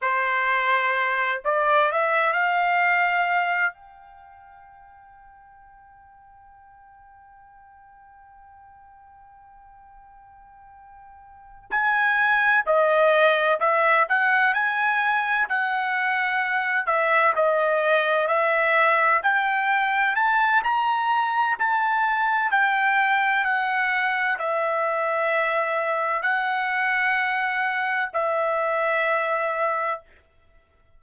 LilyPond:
\new Staff \with { instrumentName = "trumpet" } { \time 4/4 \tempo 4 = 64 c''4. d''8 e''8 f''4. | g''1~ | g''1~ | g''8 gis''4 dis''4 e''8 fis''8 gis''8~ |
gis''8 fis''4. e''8 dis''4 e''8~ | e''8 g''4 a''8 ais''4 a''4 | g''4 fis''4 e''2 | fis''2 e''2 | }